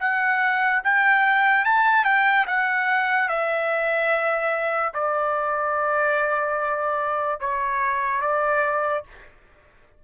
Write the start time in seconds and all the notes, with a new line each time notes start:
0.00 F#5
0.84 G5
1.65 A5
2.05 G5
2.47 F#5
3.29 E5
4.94 D5
7.40 C#5
8.22 D5